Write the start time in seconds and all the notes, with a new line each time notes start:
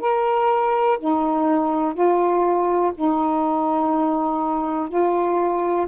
0.00 A#4
0.99 D#4
1.94 F4
2.95 D#4
4.89 F4